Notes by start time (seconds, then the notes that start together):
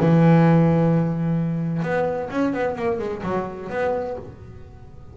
0.00 E3
1.82 B3
2.30 C#4
2.53 B3
2.76 A#3
2.99 G#3
3.23 F#3
3.70 B3